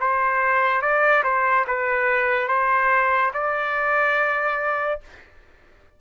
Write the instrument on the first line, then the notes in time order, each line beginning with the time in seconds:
trumpet
0.00 C5
0.81 D5
1.23 C5
1.67 B4
2.48 C5
3.33 D5